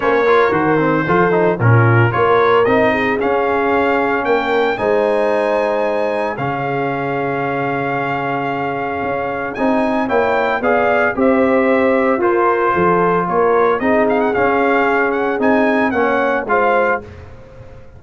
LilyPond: <<
  \new Staff \with { instrumentName = "trumpet" } { \time 4/4 \tempo 4 = 113 cis''4 c''2 ais'4 | cis''4 dis''4 f''2 | g''4 gis''2. | f''1~ |
f''2 gis''4 g''4 | f''4 e''2 c''4~ | c''4 cis''4 dis''8 f''16 fis''16 f''4~ | f''8 fis''8 gis''4 fis''4 f''4 | }
  \new Staff \with { instrumentName = "horn" } { \time 4/4 c''8 ais'4. a'4 f'4 | ais'4. gis'2~ gis'8 | ais'4 c''2. | gis'1~ |
gis'2. cis''4 | d''4 c''2 ais'4 | a'4 ais'4 gis'2~ | gis'2 cis''4 c''4 | }
  \new Staff \with { instrumentName = "trombone" } { \time 4/4 cis'8 f'8 fis'8 c'8 f'8 dis'8 cis'4 | f'4 dis'4 cis'2~ | cis'4 dis'2. | cis'1~ |
cis'2 dis'4 e'4 | gis'4 g'2 f'4~ | f'2 dis'4 cis'4~ | cis'4 dis'4 cis'4 f'4 | }
  \new Staff \with { instrumentName = "tuba" } { \time 4/4 ais4 dis4 f4 ais,4 | ais4 c'4 cis'2 | ais4 gis2. | cis1~ |
cis4 cis'4 c'4 ais4 | b4 c'2 f'4 | f4 ais4 c'4 cis'4~ | cis'4 c'4 ais4 gis4 | }
>>